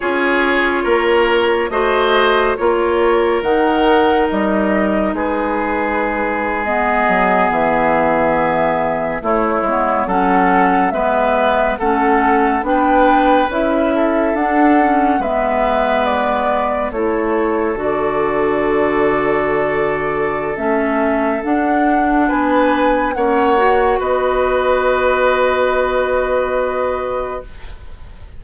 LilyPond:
<<
  \new Staff \with { instrumentName = "flute" } { \time 4/4 \tempo 4 = 70 cis''2 dis''4 cis''4 | fis''4 dis''4 b'4.~ b'16 dis''16~ | dis''8. e''2 cis''4 fis''16~ | fis''8. e''4 fis''4 g''4 e''16~ |
e''8. fis''4 e''4 d''4 cis''16~ | cis''8. d''2.~ d''16 | e''4 fis''4 gis''4 fis''4 | dis''1 | }
  \new Staff \with { instrumentName = "oboe" } { \time 4/4 gis'4 ais'4 c''4 ais'4~ | ais'2 gis'2~ | gis'2~ gis'8. e'4 a'16~ | a'8. b'4 a'4 b'4~ b'16~ |
b'16 a'4. b'2 a'16~ | a'1~ | a'2 b'4 cis''4 | b'1 | }
  \new Staff \with { instrumentName = "clarinet" } { \time 4/4 f'2 fis'4 f'4 | dis'2.~ dis'8. b16~ | b2~ b8. a8 b8 cis'16~ | cis'8. b4 cis'4 d'4 e'16~ |
e'8. d'8 cis'8 b2 e'16~ | e'8. fis'2.~ fis'16 | cis'4 d'2 cis'8 fis'8~ | fis'1 | }
  \new Staff \with { instrumentName = "bassoon" } { \time 4/4 cis'4 ais4 a4 ais4 | dis4 g4 gis2~ | gis16 fis8 e2 a8 gis8 fis16~ | fis8. gis4 a4 b4 cis'16~ |
cis'8. d'4 gis2 a16~ | a8. d2.~ d16 | a4 d'4 b4 ais4 | b1 | }
>>